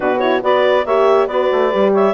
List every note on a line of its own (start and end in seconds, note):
0.00 0.42 B2
0.00 0.18 D4
0.00 0.42 F#4
0.00 0.19 B4
0.19 0.41 E4
0.19 0.41 C#5
0.41 0.85 B3
0.41 0.84 F#4
0.41 0.85 B4
0.41 0.86 D5
0.85 1.27 A#3
0.85 1.29 G4
0.85 1.28 C#5
0.85 1.27 E5
1.27 1.48 B3
1.27 1.71 F#4
1.27 1.91 B4
1.27 1.91 D5
1.52 1.73 A3
1.71 2.13 G3
1.71 2.13 G4
1.91 2.13 C#5
1.91 2.13 E5